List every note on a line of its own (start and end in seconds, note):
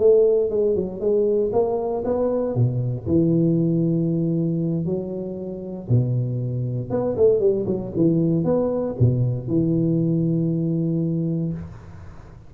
0.00 0.51 A3
0.51 0.76 G#3
0.76 1.00 F#3
1.00 1.52 G#3
1.53 2.04 A#3
2.05 2.55 B3
2.55 3.07 B2
3.07 4.86 E3
4.86 5.89 F#3
5.89 6.90 B2
6.90 7.16 B3
7.18 7.40 A3
7.40 7.66 G3
7.67 7.92 F#3
7.96 8.45 E3
8.45 8.96 B3
9.00 9.48 B2
9.48 11.53 E3